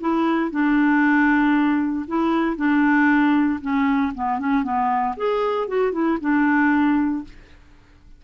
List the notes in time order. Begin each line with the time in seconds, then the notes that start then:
0.00 E4
0.51 D4
2.07 E4
2.56 D4
3.61 C#4
4.14 B3
4.39 C#4
4.63 B3
5.16 G#4
5.68 F#4
5.92 E4
6.20 D4